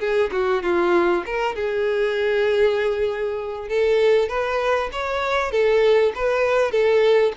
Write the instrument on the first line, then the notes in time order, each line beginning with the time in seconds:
violin
0.00 G#4
0.32 F#4
0.63 F4
1.26 A#4
1.55 G#4
3.68 A4
4.29 B4
4.92 C#5
5.52 A4
6.15 B4
6.72 A4